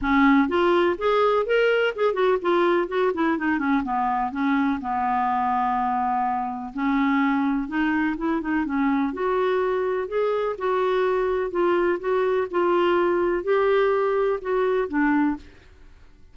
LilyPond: \new Staff \with { instrumentName = "clarinet" } { \time 4/4 \tempo 4 = 125 cis'4 f'4 gis'4 ais'4 | gis'8 fis'8 f'4 fis'8 e'8 dis'8 cis'8 | b4 cis'4 b2~ | b2 cis'2 |
dis'4 e'8 dis'8 cis'4 fis'4~ | fis'4 gis'4 fis'2 | f'4 fis'4 f'2 | g'2 fis'4 d'4 | }